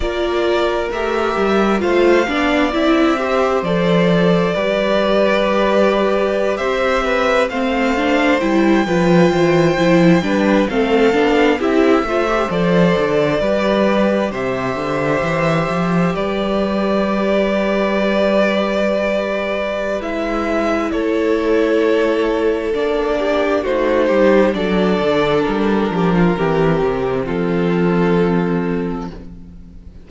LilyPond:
<<
  \new Staff \with { instrumentName = "violin" } { \time 4/4 \tempo 4 = 66 d''4 e''4 f''4 e''4 | d''2.~ d''16 e''8.~ | e''16 f''4 g''2~ g''8 f''16~ | f''8. e''4 d''2 e''16~ |
e''4.~ e''16 d''2~ d''16~ | d''2 e''4 cis''4~ | cis''4 d''4 c''4 d''4 | ais'2 a'2 | }
  \new Staff \with { instrumentName = "violin" } { \time 4/4 ais'2 c''8 d''4 c''8~ | c''4 b'2~ b'16 c''8 b'16~ | b'16 c''4. b'8 c''4 b'8 a'16~ | a'8. g'8 c''4. b'4 c''16~ |
c''4.~ c''16 b'2~ b'16~ | b'2. a'4~ | a'4. g'8 fis'8 g'8 a'4~ | a'8 g'16 f'16 g'4 f'2 | }
  \new Staff \with { instrumentName = "viola" } { \time 4/4 f'4 g'4 f'8 d'8 e'8 g'8 | a'4 g'2.~ | g'16 c'8 d'8 e'8 f'4 e'8 d'8 c'16~ | c'16 d'8 e'8 f'16 g'16 a'4 g'4~ g'16~ |
g'1~ | g'2 e'2~ | e'4 d'4 dis'4 d'4~ | d'4 c'2. | }
  \new Staff \with { instrumentName = "cello" } { \time 4/4 ais4 a8 g8 a8 b8 c'4 | f4 g2~ g16 c'8.~ | c'16 a4 g8 f8 e8 f8 g8 a16~ | a16 b8 c'8 a8 f8 d8 g4 c16~ |
c16 d8 e8 f8 g2~ g16~ | g2 gis4 a4~ | a4 ais4 a8 g8 fis8 d8 | g8 f8 e8 c8 f2 | }
>>